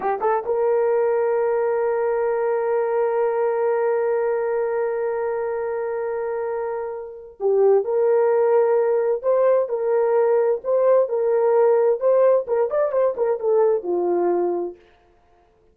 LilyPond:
\new Staff \with { instrumentName = "horn" } { \time 4/4 \tempo 4 = 130 g'8 a'8 ais'2.~ | ais'1~ | ais'1~ | ais'1 |
g'4 ais'2. | c''4 ais'2 c''4 | ais'2 c''4 ais'8 d''8 | c''8 ais'8 a'4 f'2 | }